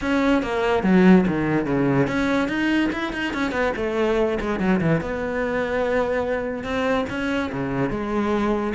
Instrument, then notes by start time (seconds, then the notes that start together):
cello
0.01 C#4
0.42 A#3
0.83 F#3
1.27 D#3
1.66 C#3
2.07 C#4
2.48 D#4
2.92 E4
3.12 D#4
3.33 C#4
3.51 B3
3.76 A3
4.40 G#3
4.59 F#3
4.80 E3
5.00 B3
6.63 C4
7.09 C#4
7.52 C#3
7.90 G#3